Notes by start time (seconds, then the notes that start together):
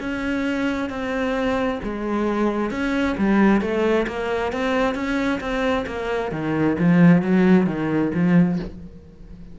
0.00 C#4
0.90 C4
1.84 G#3
2.71 C#4
3.18 G3
3.61 A3
4.07 A#3
4.52 C4
4.95 C#4
5.40 C4
5.86 A#3
6.32 D#3
6.79 F3
7.22 F#3
7.67 D#3
8.14 F3